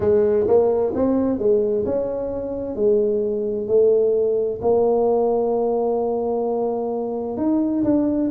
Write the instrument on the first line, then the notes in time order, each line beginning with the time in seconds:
tuba
0.00 G#3
0.47 A#3
0.94 C4
1.38 G#3
1.85 C#4
2.75 G#3
3.67 A3
4.62 A#3
7.37 D#4
7.84 D4